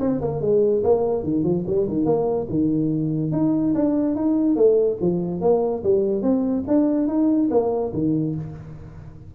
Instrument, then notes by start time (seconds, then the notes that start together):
tuba
0.00 C4
0.21 A#3
0.41 G#3
0.84 A#3
1.24 D#3
1.44 F3
1.67 G3
1.88 D#3
2.05 A#3
2.50 D#3
3.32 D#4
3.75 D4
4.16 D#4
4.56 A3
5.01 F3
5.41 A#3
5.84 G3
6.23 C4
6.68 D4
7.08 D#4
7.51 A#3
7.93 D#3